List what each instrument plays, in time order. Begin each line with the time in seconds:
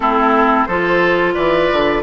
0.00 bassoon A3, clarinet C4, oboe E4, flute A4
0.65 bassoon F3, clarinet F4, oboe A4, flute C5
1.34 bassoon E3, oboe B4, flute D5
1.72 bassoon D3